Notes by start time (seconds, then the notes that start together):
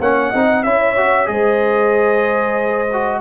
0.00 A#3 C#4 C#5 F#5
0.30 C4 D#4 D#5
0.63 C#4 E4 C#5 E5
0.97 F#4
1.26 G#3 G#4 C5 D#5
2.93 F#4